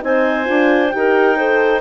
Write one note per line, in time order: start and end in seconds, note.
0.00 0.47 C4
0.00 0.44 D#4
0.00 0.94 C5
0.00 0.90 G#5
0.44 0.93 D4
0.44 0.89 F4
0.90 1.81 D#4
0.90 1.36 G4
0.90 1.79 G5
0.96 1.36 A#4
1.36 1.81 A4
1.36 1.81 C5